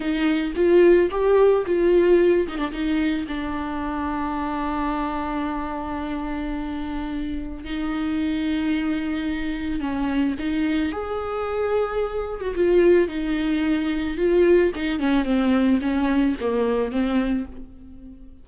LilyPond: \new Staff \with { instrumentName = "viola" } { \time 4/4 \tempo 4 = 110 dis'4 f'4 g'4 f'4~ | f'8 dis'16 d'16 dis'4 d'2~ | d'1~ | d'2 dis'2~ |
dis'2 cis'4 dis'4 | gis'2~ gis'8. fis'16 f'4 | dis'2 f'4 dis'8 cis'8 | c'4 cis'4 ais4 c'4 | }